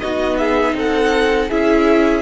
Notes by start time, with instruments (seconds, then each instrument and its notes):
0.00 cello B3, viola D#4, violin F#4 D#5
0.37 violin G#4 E5
0.74 cello C4, violin A4 F#5
1.49 cello C#4, viola E4, violin G#4 E5